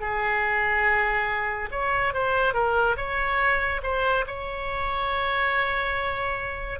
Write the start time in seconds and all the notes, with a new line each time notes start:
0.00 G#4
1.71 C#5
2.13 C5
2.53 A#4
2.97 C#5
3.83 C5
4.27 C#5